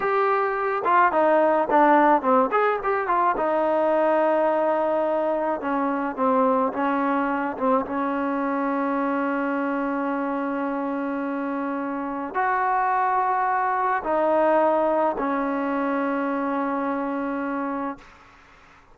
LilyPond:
\new Staff \with { instrumentName = "trombone" } { \time 4/4 \tempo 4 = 107 g'4. f'8 dis'4 d'4 | c'8 gis'8 g'8 f'8 dis'2~ | dis'2 cis'4 c'4 | cis'4. c'8 cis'2~ |
cis'1~ | cis'2 fis'2~ | fis'4 dis'2 cis'4~ | cis'1 | }